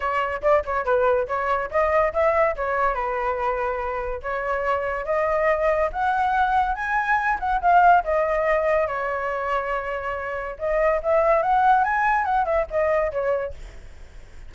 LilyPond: \new Staff \with { instrumentName = "flute" } { \time 4/4 \tempo 4 = 142 cis''4 d''8 cis''8 b'4 cis''4 | dis''4 e''4 cis''4 b'4~ | b'2 cis''2 | dis''2 fis''2 |
gis''4. fis''8 f''4 dis''4~ | dis''4 cis''2.~ | cis''4 dis''4 e''4 fis''4 | gis''4 fis''8 e''8 dis''4 cis''4 | }